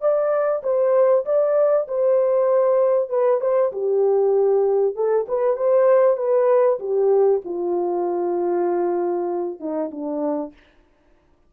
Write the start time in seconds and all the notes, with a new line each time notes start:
0.00 D5
0.63 C5
1.25 D5
1.88 C5
3.09 B4
3.40 C5
3.72 G4
4.95 A4
5.28 B4
5.56 C5
6.17 B4
6.79 G4
7.44 F4
9.60 D#4
9.91 D4